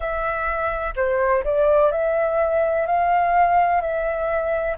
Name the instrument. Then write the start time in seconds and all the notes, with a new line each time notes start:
flute
0.00 E5
0.95 C5
1.43 D5
1.91 E5
2.86 F5
3.81 E5